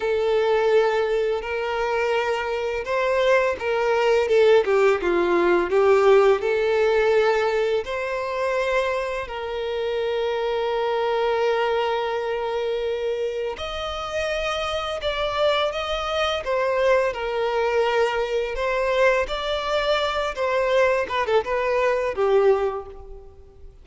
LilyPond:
\new Staff \with { instrumentName = "violin" } { \time 4/4 \tempo 4 = 84 a'2 ais'2 | c''4 ais'4 a'8 g'8 f'4 | g'4 a'2 c''4~ | c''4 ais'2.~ |
ais'2. dis''4~ | dis''4 d''4 dis''4 c''4 | ais'2 c''4 d''4~ | d''8 c''4 b'16 a'16 b'4 g'4 | }